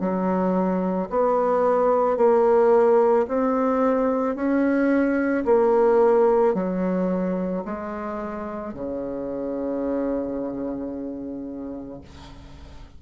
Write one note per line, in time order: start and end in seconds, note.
0.00 1.09 F#3
1.10 2.17 B3
2.17 3.26 A#3
3.28 4.35 C4
4.35 5.44 C#4
5.45 6.55 A#3
6.55 7.64 F#3
7.65 8.74 G#3
8.74 12.01 C#3